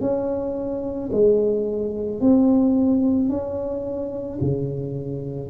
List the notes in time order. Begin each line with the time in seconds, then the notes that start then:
0.00 C#4
1.12 G#3
2.20 C4
3.29 C#4
4.41 C#3